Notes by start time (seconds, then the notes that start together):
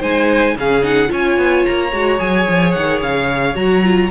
0.00 G#3 D#4 C5 G#5
0.55 C#3 C#4 G#4 F5
0.82 D#4 F#5
1.07 C#4 F4 C#5
1.13 G#5
1.37 B3
1.65 A#3 A#5
1.93 G#3 F#4
2.18 F#3 G#4 G#5
2.49 F3
2.72 D#3 F#5
3.02 C#3 F5
3.55 F#3 F#4 A#5
3.83 F4